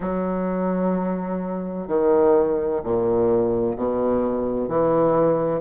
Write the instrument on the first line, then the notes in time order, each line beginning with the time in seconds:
bassoon
0.00 F#3
1.87 D#3
2.83 A#2
3.75 B2
4.68 E3